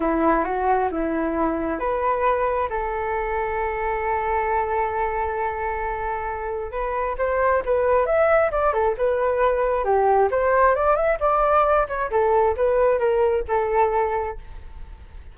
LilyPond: \new Staff \with { instrumentName = "flute" } { \time 4/4 \tempo 4 = 134 e'4 fis'4 e'2 | b'2 a'2~ | a'1~ | a'2. b'4 |
c''4 b'4 e''4 d''8 a'8 | b'2 g'4 c''4 | d''8 e''8 d''4. cis''8 a'4 | b'4 ais'4 a'2 | }